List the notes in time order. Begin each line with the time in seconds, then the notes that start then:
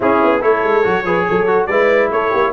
0.00 C#4 E4 G#4
0.23 B3
0.40 A3 E4 A4 C#5
0.63 G#3
0.83 F#3 F#4
1.05 F3 G#4 B4
1.29 F#3 A4
1.46 F#4
1.66 G#3 E4 B4 D5
2.11 A3 A4 C#5
2.30 A#3 G4